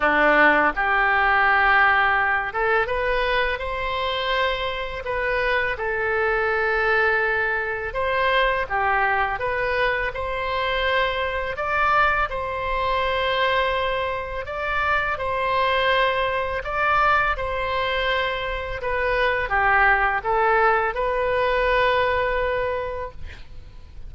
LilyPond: \new Staff \with { instrumentName = "oboe" } { \time 4/4 \tempo 4 = 83 d'4 g'2~ g'8 a'8 | b'4 c''2 b'4 | a'2. c''4 | g'4 b'4 c''2 |
d''4 c''2. | d''4 c''2 d''4 | c''2 b'4 g'4 | a'4 b'2. | }